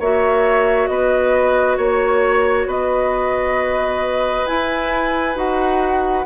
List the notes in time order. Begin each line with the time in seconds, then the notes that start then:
0.00 A#3 F#4 C#5 E5
0.87 B3 B4 D#5
1.78 A#3 C#5
2.67 B3 B4 D#5
4.47 E4 G#5
5.35 D#4 F#4 F#5